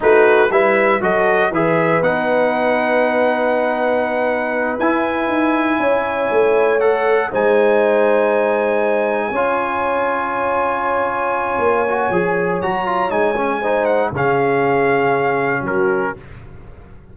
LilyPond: <<
  \new Staff \with { instrumentName = "trumpet" } { \time 4/4 \tempo 4 = 119 b'4 e''4 dis''4 e''4 | fis''1~ | fis''4. gis''2~ gis''8~ | gis''4. fis''4 gis''4.~ |
gis''1~ | gis''1~ | gis''4 ais''4 gis''4. fis''8 | f''2. ais'4 | }
  \new Staff \with { instrumentName = "horn" } { \time 4/4 fis'4 b'4 a'4 b'4~ | b'1~ | b'2.~ b'8 cis''8~ | cis''2~ cis''8 c''4.~ |
c''2~ c''8 cis''4.~ | cis''1~ | cis''2. c''4 | gis'2. fis'4 | }
  \new Staff \with { instrumentName = "trombone" } { \time 4/4 dis'4 e'4 fis'4 gis'4 | dis'1~ | dis'4. e'2~ e'8~ | e'4. a'4 dis'4.~ |
dis'2~ dis'8 f'4.~ | f'2.~ f'8 fis'8 | gis'4 fis'8 f'8 dis'8 cis'8 dis'4 | cis'1 | }
  \new Staff \with { instrumentName = "tuba" } { \time 4/4 a4 g4 fis4 e4 | b1~ | b4. e'4 dis'4 cis'8~ | cis'8 a2 gis4.~ |
gis2~ gis8 cis'4.~ | cis'2. ais4 | f4 fis4 gis2 | cis2. fis4 | }
>>